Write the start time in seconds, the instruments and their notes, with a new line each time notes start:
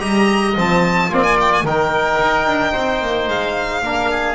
0.00 double bass G3, trombone G4, oboe D#5, violin A#5
0.57 double bass F3, trombone C4, violin A5
1.10 double bass A#3, violin C4, trombone F4, oboe D5
1.24 violin G#5
1.41 violin G5
1.53 violin G#5
1.64 double bass D#3, trombone D#4, oboe A#4, violin G5
2.21 double bass D#4
2.47 double bass D4
2.73 double bass C4, oboe C5
3.01 double bass A#3
3.28 double bass G#3, violin F5
3.82 double bass A#3, trombone D4, oboe A#4
4.11 oboe G#4